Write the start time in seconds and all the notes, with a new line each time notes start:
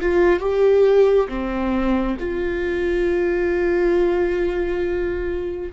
0.00 F4
0.39 G4
1.28 C4
2.19 F4